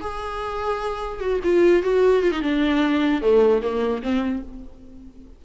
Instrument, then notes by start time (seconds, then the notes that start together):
viola
0.00 G#4
1.19 F#4
1.43 F4
1.83 F#4
2.23 F4
2.31 D#4
2.41 D4
3.21 A3
3.61 A#3
4.02 C4